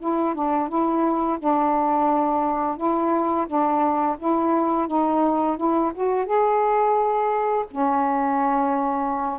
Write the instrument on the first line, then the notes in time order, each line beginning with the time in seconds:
saxophone
0.00 E4
0.35 D4
0.69 E4
1.40 D4
2.77 E4
3.47 D4
4.19 E4
4.88 D#4
5.58 E4
5.95 F#4
6.26 G#4
7.71 C#4